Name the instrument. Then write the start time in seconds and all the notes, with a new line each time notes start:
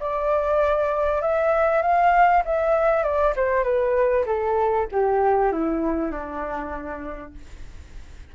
flute
0.00 D5
1.21 E5
1.82 F5
2.45 E5
3.03 D5
3.36 C5
3.63 B4
4.26 A4
4.91 G4
5.52 E4
6.11 D4